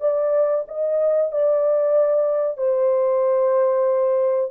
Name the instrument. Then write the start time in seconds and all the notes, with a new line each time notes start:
horn
0.00 D5
0.68 D#5
1.32 D5
2.57 C5